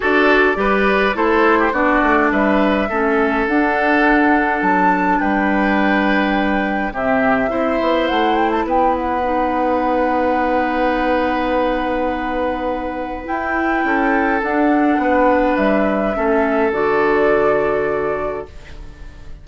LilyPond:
<<
  \new Staff \with { instrumentName = "flute" } { \time 4/4 \tempo 4 = 104 d''2 c''4 d''4 | e''2 fis''2 | a''4 g''2. | e''2 fis''8 g''16 a''16 g''8 fis''8~ |
fis''1~ | fis''2. g''4~ | g''4 fis''2 e''4~ | e''4 d''2. | }
  \new Staff \with { instrumentName = "oboe" } { \time 4/4 a'4 b'4 a'8. g'16 fis'4 | b'4 a'2.~ | a'4 b'2. | g'4 c''2 b'4~ |
b'1~ | b'1 | a'2 b'2 | a'1 | }
  \new Staff \with { instrumentName = "clarinet" } { \time 4/4 fis'4 g'4 e'4 d'4~ | d'4 cis'4 d'2~ | d'1 | c'4 e'2. |
dis'1~ | dis'2. e'4~ | e'4 d'2. | cis'4 fis'2. | }
  \new Staff \with { instrumentName = "bassoon" } { \time 4/4 d'4 g4 a4 b8 a8 | g4 a4 d'2 | fis4 g2. | c4 c'8 b8 a4 b4~ |
b1~ | b2. e'4 | cis'4 d'4 b4 g4 | a4 d2. | }
>>